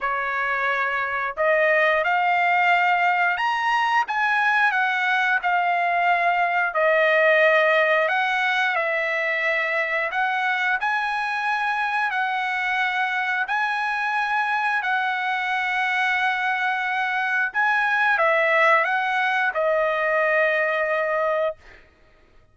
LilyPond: \new Staff \with { instrumentName = "trumpet" } { \time 4/4 \tempo 4 = 89 cis''2 dis''4 f''4~ | f''4 ais''4 gis''4 fis''4 | f''2 dis''2 | fis''4 e''2 fis''4 |
gis''2 fis''2 | gis''2 fis''2~ | fis''2 gis''4 e''4 | fis''4 dis''2. | }